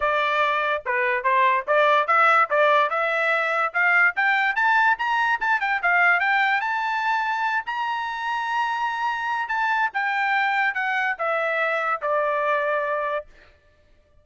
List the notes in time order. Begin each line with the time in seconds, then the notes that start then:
0.00 D5
0.85 B4
1.23 C5
1.67 D5
2.07 E5
2.50 D5
2.90 E5
3.73 F5
4.16 G5
4.55 A5
4.98 A#5
5.40 A5
5.60 G5
5.82 F5
6.20 G5
6.60 A5
7.66 A#5
9.48 A5
9.93 G5
10.74 F#5
11.18 E5
12.01 D5